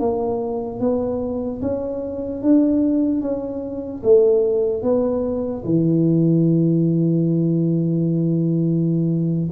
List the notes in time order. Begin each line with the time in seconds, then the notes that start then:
0.00 A#3
0.80 B3
1.62 C#4
2.43 D4
3.22 C#4
4.04 A3
4.83 B3
5.65 E3